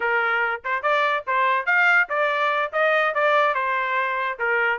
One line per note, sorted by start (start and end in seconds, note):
0.00 0.61 A#4
0.64 0.82 C5
0.82 1.24 D5
1.26 1.66 C5
1.66 2.08 F5
2.09 2.72 D5
2.72 3.14 D#5
3.14 3.54 D5
3.54 4.38 C5
4.38 4.79 A#4